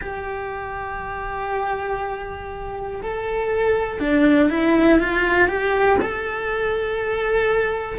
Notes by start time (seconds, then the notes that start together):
0.00 G4
3.02 A4
4.00 D4
4.50 E4
4.99 F4
5.48 G4
6.01 A4